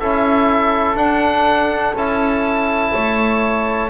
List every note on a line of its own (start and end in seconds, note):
0.00 0.95 C#4
0.00 0.96 E4
0.00 2.93 A4
0.00 0.97 E5
0.95 1.94 D4
0.95 1.95 D4
0.95 1.96 F#5
1.94 2.93 C#4
1.94 3.90 E4
1.94 3.90 A5
2.93 3.90 A3
2.93 3.90 C#5